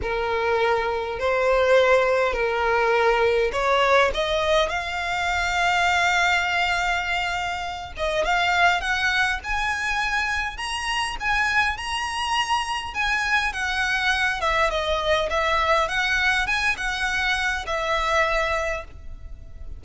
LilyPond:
\new Staff \with { instrumentName = "violin" } { \time 4/4 \tempo 4 = 102 ais'2 c''2 | ais'2 cis''4 dis''4 | f''1~ | f''4. dis''8 f''4 fis''4 |
gis''2 ais''4 gis''4 | ais''2 gis''4 fis''4~ | fis''8 e''8 dis''4 e''4 fis''4 | gis''8 fis''4. e''2 | }